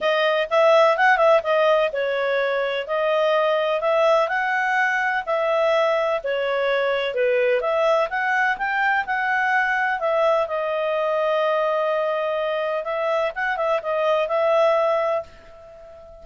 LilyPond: \new Staff \with { instrumentName = "clarinet" } { \time 4/4 \tempo 4 = 126 dis''4 e''4 fis''8 e''8 dis''4 | cis''2 dis''2 | e''4 fis''2 e''4~ | e''4 cis''2 b'4 |
e''4 fis''4 g''4 fis''4~ | fis''4 e''4 dis''2~ | dis''2. e''4 | fis''8 e''8 dis''4 e''2 | }